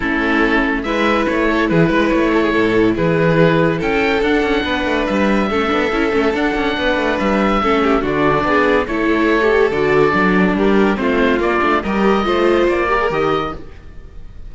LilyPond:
<<
  \new Staff \with { instrumentName = "oboe" } { \time 4/4 \tempo 4 = 142 a'2 e''4 cis''4 | b'4 cis''2 b'4~ | b'4 g''4 fis''2 | e''2. fis''4~ |
fis''4 e''2 d''4~ | d''4 cis''2 d''4~ | d''4 ais'4 c''4 d''4 | dis''2 d''4 dis''4 | }
  \new Staff \with { instrumentName = "violin" } { \time 4/4 e'2 b'4. a'8 | gis'8 b'4 a'16 gis'16 a'4 gis'4~ | gis'4 a'2 b'4~ | b'4 a'2. |
b'2 a'8 g'8 fis'4 | gis'4 a'2.~ | a'4 g'4 f'2 | ais'4 c''4. ais'4. | }
  \new Staff \with { instrumentName = "viola" } { \time 4/4 cis'2 e'2~ | e'1~ | e'2 d'2~ | d'4 cis'8 d'8 e'8 cis'8 d'4~ |
d'2 cis'4 d'4~ | d'4 e'4~ e'16 g'8. fis'4 | d'2 c'4 ais8 d'8 | g'4 f'4. g'16 gis'16 g'4 | }
  \new Staff \with { instrumentName = "cello" } { \time 4/4 a2 gis4 a4 | e8 gis8 a4 a,4 e4~ | e4 cis'4 d'8 cis'8 b8 a8 | g4 a8 b8 cis'8 a8 d'8 cis'8 |
b8 a8 g4 a4 d4 | b4 a2 d4 | fis4 g4 a4 ais8 a8 | g4 a4 ais4 dis4 | }
>>